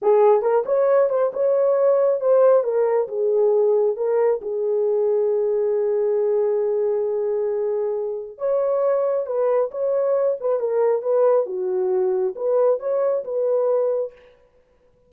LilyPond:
\new Staff \with { instrumentName = "horn" } { \time 4/4 \tempo 4 = 136 gis'4 ais'8 cis''4 c''8 cis''4~ | cis''4 c''4 ais'4 gis'4~ | gis'4 ais'4 gis'2~ | gis'1~ |
gis'2. cis''4~ | cis''4 b'4 cis''4. b'8 | ais'4 b'4 fis'2 | b'4 cis''4 b'2 | }